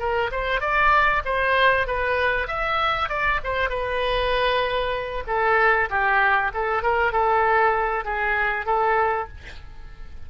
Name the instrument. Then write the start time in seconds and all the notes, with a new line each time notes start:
oboe
0.00 A#4
0.32 C5
0.61 D5
1.26 C5
1.87 B4
2.48 E5
3.10 D5
3.44 C5
3.70 B4
5.27 A4
5.90 G4
6.54 A4
6.83 A#4
7.13 A4
8.05 G#4
8.66 A4